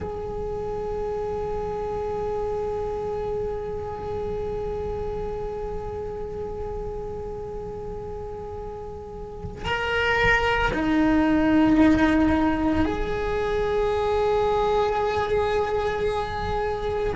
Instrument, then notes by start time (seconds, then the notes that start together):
cello
0.00 G#4
9.64 A#4
10.73 D#4
12.85 G#4